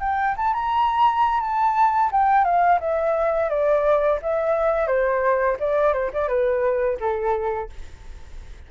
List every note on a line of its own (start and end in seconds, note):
0.00 0.35 G5
0.37 0.54 A5
0.54 1.40 A#5
1.40 2.10 A5
2.12 2.45 G5
2.45 2.79 F5
2.80 3.49 E5
3.49 4.19 D5
4.22 4.87 E5
4.87 5.57 C5
5.60 5.93 D5
5.93 6.11 C5
6.13 6.28 D5
6.28 6.98 B4
7.00 7.70 A4